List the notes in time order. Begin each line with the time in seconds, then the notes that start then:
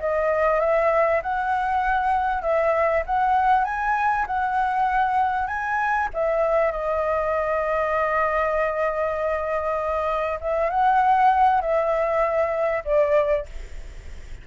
0.00 D#5
0.60 E5
1.23 F#5
2.42 E5
3.06 F#5
3.65 G#5
4.27 F#5
5.48 G#5
6.14 E5
6.72 D#5
10.41 E5
10.70 F#5
11.62 E5
12.85 D5